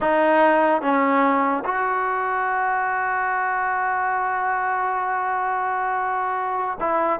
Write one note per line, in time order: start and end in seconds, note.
0.00 0.81 D#4
0.81 1.63 C#4
1.64 6.78 F#4
6.80 7.19 E4